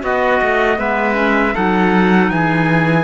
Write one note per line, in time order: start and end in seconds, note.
0.00 0.41 B3
0.00 0.76 F#4
0.00 0.78 F#4
0.00 0.79 D#5
0.41 0.78 A3
0.76 1.54 G#3
0.76 1.14 B3
0.76 1.54 B4
0.76 1.55 E5
1.14 1.52 C#4
1.53 2.30 F#3
1.53 3.04 D#4
1.53 2.30 A4
1.53 2.30 F#5
2.30 3.04 E3
2.30 3.04 G#4
2.30 3.04 G#5